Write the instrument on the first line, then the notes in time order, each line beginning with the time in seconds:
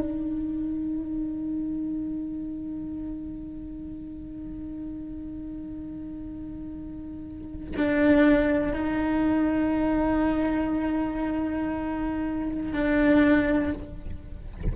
cello
0.00 D#4
7.77 D4
8.73 D#4
12.73 D4